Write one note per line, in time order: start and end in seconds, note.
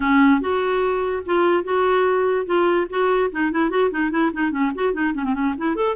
0.00 0.41 C#4
0.41 1.23 F#4
1.25 1.64 F4
1.64 2.46 F#4
2.46 2.87 F4
2.89 3.30 F#4
3.31 3.51 D#4
3.51 3.69 E4
3.69 3.90 F#4
3.90 4.10 D#4
4.10 4.31 E4
4.33 4.51 D#4
4.51 4.71 C#4
4.74 4.93 F#4
4.93 5.13 D#4
5.14 5.24 C#4
5.24 5.33 C4
5.33 5.54 C#4
5.57 5.75 E4
5.75 5.95 A4